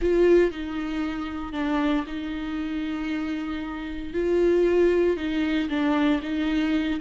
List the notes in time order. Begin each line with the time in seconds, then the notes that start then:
0.01 F4
0.51 D#4
1.53 D4
2.07 D#4
4.13 F4
5.17 D#4
5.69 D4
6.22 D#4